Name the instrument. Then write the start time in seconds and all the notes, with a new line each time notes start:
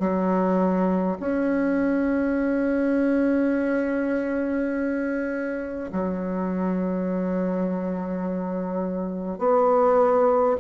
bassoon
0.00 F#3
1.20 C#4
5.93 F#3
9.39 B3